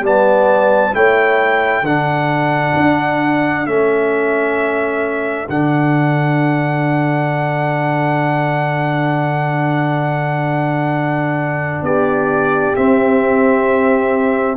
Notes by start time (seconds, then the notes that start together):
0.00 G3 D5 A5
0.06 B3
0.93 A3 E4 C#5 G5
1.82 D3 D4 A4 F#5
2.76 D4
3.66 A3 C#4 E5
5.49 D3 D4 F#5
11.82 B3 G4 D5
12.76 C4 E5